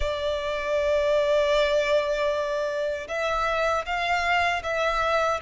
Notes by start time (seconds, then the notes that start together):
0.00 D5
3.08 E5
3.85 F5
4.63 E5